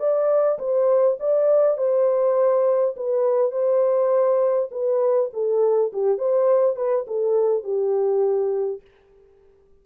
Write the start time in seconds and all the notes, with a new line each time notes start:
0.00 D5
0.59 C5
1.20 D5
1.78 C5
2.97 B4
3.52 C5
4.72 B4
5.33 A4
5.93 G4
6.18 C5
6.76 B4
7.07 A4
7.64 G4